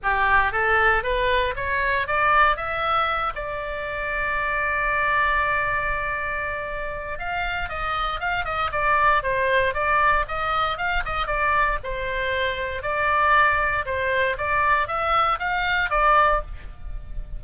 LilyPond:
\new Staff \with { instrumentName = "oboe" } { \time 4/4 \tempo 4 = 117 g'4 a'4 b'4 cis''4 | d''4 e''4. d''4.~ | d''1~ | d''2 f''4 dis''4 |
f''8 dis''8 d''4 c''4 d''4 | dis''4 f''8 dis''8 d''4 c''4~ | c''4 d''2 c''4 | d''4 e''4 f''4 d''4 | }